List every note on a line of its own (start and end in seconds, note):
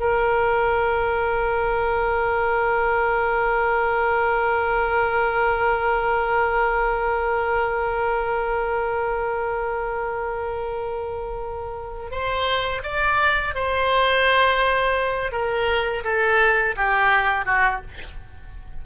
0.00 12.11 A#4
12.11 12.82 C5
12.83 13.55 D5
13.55 15.32 C5
15.32 16.03 A#4
16.04 16.75 A4
16.76 17.45 G4
17.45 17.81 F#4